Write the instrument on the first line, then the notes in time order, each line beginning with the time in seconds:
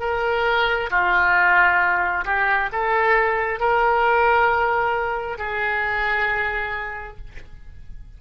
oboe
0.00 A#4
0.90 F4
2.25 G4
2.72 A4
3.59 A#4
5.38 G#4